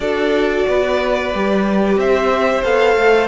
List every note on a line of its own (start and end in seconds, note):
0.00 0.65 D4
0.00 1.32 F#4
0.00 0.66 A4
0.00 1.98 D5
0.68 1.34 B3
0.68 1.99 B4
1.34 1.96 G3
1.34 2.64 G4
1.96 2.62 C4
1.96 3.27 C5
1.96 2.64 E5
2.63 2.95 B3
2.63 3.27 A4
2.63 3.27 F5
2.95 3.27 A3